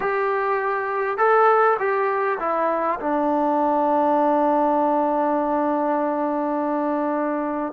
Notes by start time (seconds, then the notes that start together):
0.00 G4
1.17 A4
1.79 G4
2.39 E4
3.00 D4